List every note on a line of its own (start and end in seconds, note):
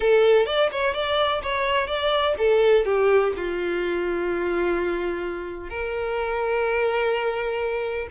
0.00 0.45 A4
0.45 0.69 D5
0.71 0.94 C#5
0.94 1.41 D5
1.42 1.87 C#5
1.87 2.34 D5
2.37 2.85 A4
2.85 3.32 G4
3.36 5.69 F4
5.69 8.07 A#4